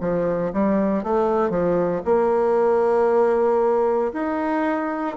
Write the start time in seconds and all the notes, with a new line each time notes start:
0.00 F3
0.53 G3
1.03 A3
1.50 F3
2.05 A#3
4.13 D#4